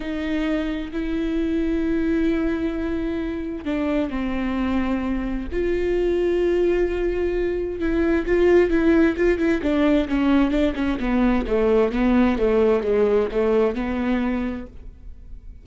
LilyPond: \new Staff \with { instrumentName = "viola" } { \time 4/4 \tempo 4 = 131 dis'2 e'2~ | e'1 | d'4 c'2. | f'1~ |
f'4 e'4 f'4 e'4 | f'8 e'8 d'4 cis'4 d'8 cis'8 | b4 a4 b4 a4 | gis4 a4 b2 | }